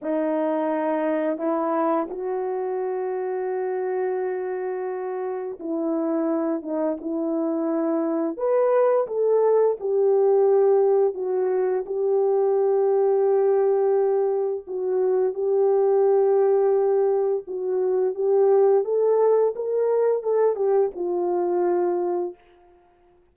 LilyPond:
\new Staff \with { instrumentName = "horn" } { \time 4/4 \tempo 4 = 86 dis'2 e'4 fis'4~ | fis'1 | e'4. dis'8 e'2 | b'4 a'4 g'2 |
fis'4 g'2.~ | g'4 fis'4 g'2~ | g'4 fis'4 g'4 a'4 | ais'4 a'8 g'8 f'2 | }